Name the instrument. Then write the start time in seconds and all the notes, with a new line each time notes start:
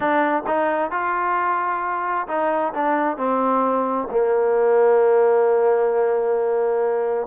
trombone
0.00 D4
0.46 D#4
0.90 F4
2.27 D#4
2.73 D4
3.17 C4
4.10 A#3